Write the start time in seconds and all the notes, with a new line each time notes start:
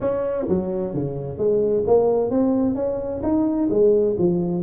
0.00 C#4
0.48 F#3
0.94 C#3
1.38 G#3
1.87 A#3
2.30 C4
2.75 C#4
3.22 D#4
3.69 G#3
4.18 F3